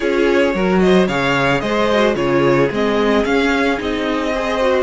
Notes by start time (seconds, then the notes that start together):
0.00 C#4 F4 G#4 C#5
0.54 F#3 F#4 A#4
0.79 C5 D#5
1.07 C#3 G#4 C#5 F5
1.60 G#3 C5 D#5
1.92 F#4
2.15 C#3 F4 G#4 C#5
2.70 G#3 C4 D#5
3.24 C#4 F5
3.77 C4 D#4 D#5
4.34 G#4 C5
4.61 F#4